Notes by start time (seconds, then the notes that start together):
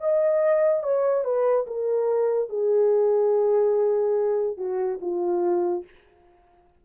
0.00 D#5
0.83 C#5
1.24 B4
1.67 A#4
2.49 G#4
4.57 F#4
5.01 F4